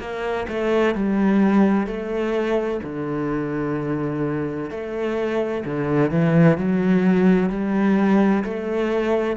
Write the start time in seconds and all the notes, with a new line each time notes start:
0.00 A#3
0.48 A3
0.95 G3
1.87 A3
2.83 D3
4.70 A3
5.65 D3
6.11 E3
6.57 F#3
7.50 G3
8.44 A3